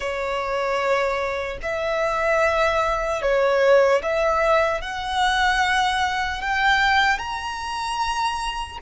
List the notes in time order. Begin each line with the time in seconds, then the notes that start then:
0.00 C#5
1.62 E5
3.22 C#5
4.02 E5
4.81 F#5
6.41 G5
7.18 A#5